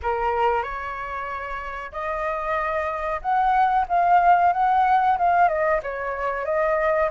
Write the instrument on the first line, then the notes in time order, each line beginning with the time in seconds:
flute
0.02 A#4
0.62 C#5
1.91 D#5
3.21 F#5
3.88 F5
4.52 F#5
5.18 F5
5.48 D#5
5.82 C#5
6.45 D#5